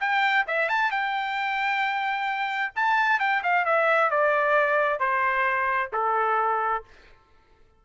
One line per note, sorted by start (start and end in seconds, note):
0.00 0.45 G5
0.48 0.69 E5
0.69 0.91 A5
0.91 2.73 G5
2.76 3.20 A5
3.20 3.42 G5
3.43 3.65 F5
3.65 4.11 E5
4.11 5.00 D5
5.00 5.91 C5
5.93 6.84 A4